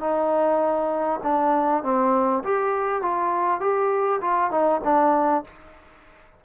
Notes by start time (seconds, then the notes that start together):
0.00 D#4
1.24 D4
1.83 C4
2.44 G4
3.02 F4
3.61 G4
4.21 F4
4.51 D#4
4.84 D4